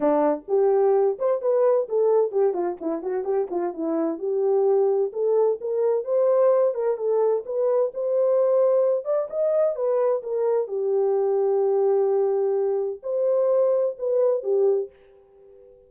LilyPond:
\new Staff \with { instrumentName = "horn" } { \time 4/4 \tempo 4 = 129 d'4 g'4. c''8 b'4 | a'4 g'8 f'8 e'8 fis'8 g'8 f'8 | e'4 g'2 a'4 | ais'4 c''4. ais'8 a'4 |
b'4 c''2~ c''8 d''8 | dis''4 b'4 ais'4 g'4~ | g'1 | c''2 b'4 g'4 | }